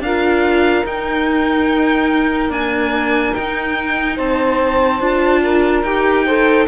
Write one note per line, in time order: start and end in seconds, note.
0.00 0.83 D4
0.00 0.86 F4
0.00 4.16 A#4
0.00 0.86 F5
0.86 2.49 D#4
0.86 2.50 D#4
0.86 2.52 G5
2.49 3.34 A#3
2.49 3.33 D4
2.49 3.34 G#5
3.34 5.01 D#4
3.34 4.19 D#4
3.34 4.18 G5
4.16 5.00 C4
4.16 5.41 C5
4.16 5.84 A5
5.00 5.83 D4
5.00 5.85 F4
5.43 6.25 A#4
5.83 6.67 D#4
5.83 6.27 G4
5.83 6.67 G5
6.25 6.68 A4
6.25 6.67 C5